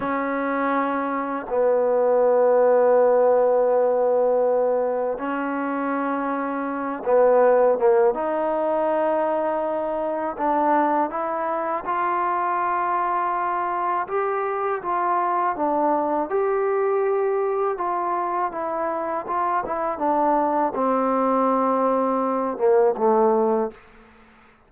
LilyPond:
\new Staff \with { instrumentName = "trombone" } { \time 4/4 \tempo 4 = 81 cis'2 b2~ | b2. cis'4~ | cis'4. b4 ais8 dis'4~ | dis'2 d'4 e'4 |
f'2. g'4 | f'4 d'4 g'2 | f'4 e'4 f'8 e'8 d'4 | c'2~ c'8 ais8 a4 | }